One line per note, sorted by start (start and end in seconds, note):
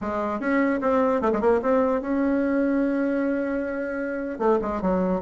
0.01 0.40 G#3
0.40 0.80 C#4
0.81 1.21 C4
1.21 1.31 A3
1.32 1.40 G#3
1.40 1.60 A#3
1.62 2.01 C4
2.01 4.39 C#4
4.39 4.59 A3
4.61 4.81 G#3
4.81 5.21 F#3